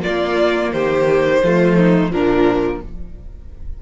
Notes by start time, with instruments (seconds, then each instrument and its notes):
0.00 viola A#3, violin F4 D5
0.07 cello A#3
0.72 cello D#3, violin G4 C5
1.43 cello F3, viola A3, violin F4
1.76 violin D#4
2.11 cello A#2, viola F3, violin D4 A#4